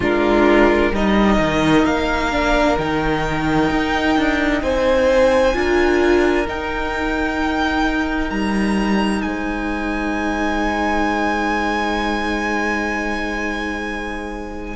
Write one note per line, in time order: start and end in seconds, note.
0.00 0.91 G#3
0.00 0.93 D4
0.00 0.92 F4
0.00 0.95 A#4
0.91 1.37 G3
0.91 2.31 D#4
0.91 4.62 A#4
0.91 1.85 D#5
1.38 1.84 D#3
1.84 2.76 A#3
1.84 2.77 F5
2.31 2.77 D4
2.78 3.70 D#3
2.78 5.53 D#4
2.78 4.62 G5
3.70 4.17 D#4
4.17 4.61 D4
4.61 5.54 C4
4.61 5.55 C5
4.61 6.46 G#5
5.53 6.46 D4
5.53 6.45 F4
5.53 9.26 A#4
6.47 14.75 D#4
6.47 8.30 D#4
6.47 8.30 G5
8.30 9.22 G3
8.30 9.22 A#5
9.22 14.75 G#3
9.22 14.75 C5
9.22 14.75 G#5